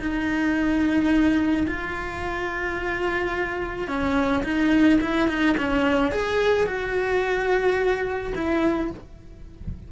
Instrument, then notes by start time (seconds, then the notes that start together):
cello
0.00 D#4
1.68 F4
3.88 C#4
4.44 D#4
5.01 E4
5.28 D#4
5.58 C#4
6.12 G#4
6.67 F#4
8.35 E4